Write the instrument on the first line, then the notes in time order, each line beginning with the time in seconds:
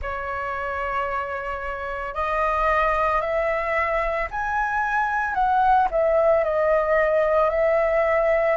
flute
0.02 C#5
2.14 D#5
3.21 E5
4.31 G#5
5.34 F#5
5.90 E5
6.43 D#5
7.50 E5